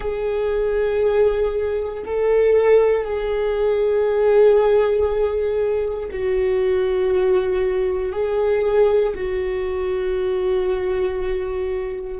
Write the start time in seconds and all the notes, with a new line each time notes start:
0.00 G#4
2.05 A4
3.04 G#4
6.11 F#4
8.12 G#4
9.14 F#4